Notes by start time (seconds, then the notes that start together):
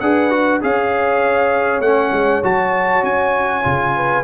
0.00 D4 G#4 B4 F#5
0.30 F#4
0.61 C#4 G#4 C#5 F5
1.80 A3 C#4 F#5
2.12 G#3
2.43 F#3 F#4 A5
3.03 C#4 G#5
3.63 C#3 F4
3.96 B4